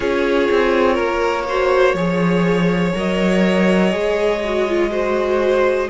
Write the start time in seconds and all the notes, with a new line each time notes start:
0.00 C#4 F4 G#4 C#5
0.51 C4
0.93 A#3 A#4
1.48 F#4 C5
1.93 F3 G#4 C#5
2.94 F#3 A#4 D#5
3.91 G#3 G#4
4.44 F#4
4.68 F4
4.90 F#4 C5